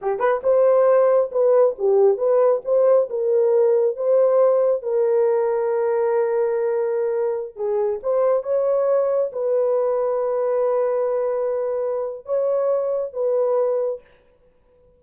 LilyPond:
\new Staff \with { instrumentName = "horn" } { \time 4/4 \tempo 4 = 137 g'8 b'8 c''2 b'4 | g'4 b'4 c''4 ais'4~ | ais'4 c''2 ais'4~ | ais'1~ |
ais'4~ ais'16 gis'4 c''4 cis''8.~ | cis''4~ cis''16 b'2~ b'8.~ | b'1 | cis''2 b'2 | }